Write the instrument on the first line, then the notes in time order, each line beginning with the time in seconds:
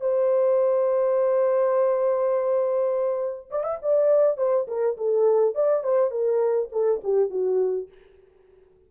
horn
0.00 C5
3.50 D5
3.63 E5
3.82 D5
4.37 C5
4.68 A#4
4.97 A4
5.55 D5
5.83 C5
6.11 A#4
6.72 A4
7.03 G4
7.30 F#4